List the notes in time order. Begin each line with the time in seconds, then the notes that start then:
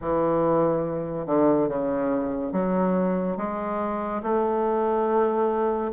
0.01 E3
1.26 D3
1.68 C#3
2.52 F#3
3.37 G#3
4.23 A3